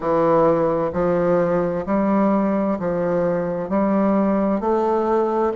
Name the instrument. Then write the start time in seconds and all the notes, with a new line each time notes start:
bassoon
0.00 E3
0.92 F3
1.86 G3
2.79 F3
3.69 G3
4.60 A3